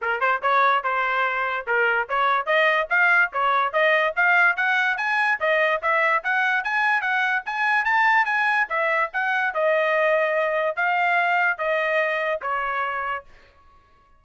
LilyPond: \new Staff \with { instrumentName = "trumpet" } { \time 4/4 \tempo 4 = 145 ais'8 c''8 cis''4 c''2 | ais'4 cis''4 dis''4 f''4 | cis''4 dis''4 f''4 fis''4 | gis''4 dis''4 e''4 fis''4 |
gis''4 fis''4 gis''4 a''4 | gis''4 e''4 fis''4 dis''4~ | dis''2 f''2 | dis''2 cis''2 | }